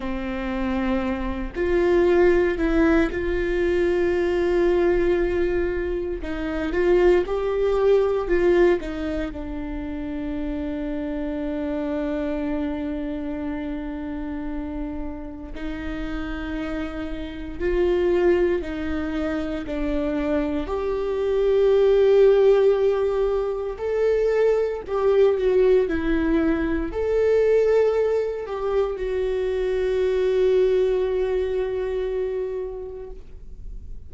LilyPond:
\new Staff \with { instrumentName = "viola" } { \time 4/4 \tempo 4 = 58 c'4. f'4 e'8 f'4~ | f'2 dis'8 f'8 g'4 | f'8 dis'8 d'2.~ | d'2. dis'4~ |
dis'4 f'4 dis'4 d'4 | g'2. a'4 | g'8 fis'8 e'4 a'4. g'8 | fis'1 | }